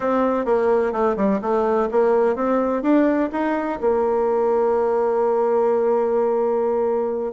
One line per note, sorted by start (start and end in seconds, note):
0.00 0.45 C4
0.45 0.92 A#3
0.92 1.16 A3
1.16 1.40 G3
1.41 1.89 A3
1.91 2.35 A#3
2.35 2.82 C4
2.82 3.29 D4
3.32 3.79 D#4
3.80 7.32 A#3